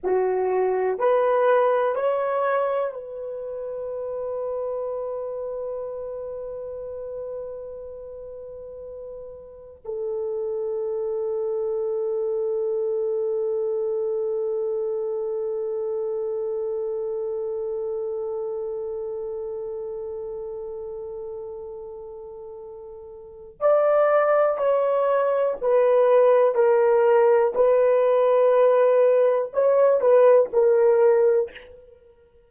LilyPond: \new Staff \with { instrumentName = "horn" } { \time 4/4 \tempo 4 = 61 fis'4 b'4 cis''4 b'4~ | b'1~ | b'2 a'2~ | a'1~ |
a'1~ | a'1 | d''4 cis''4 b'4 ais'4 | b'2 cis''8 b'8 ais'4 | }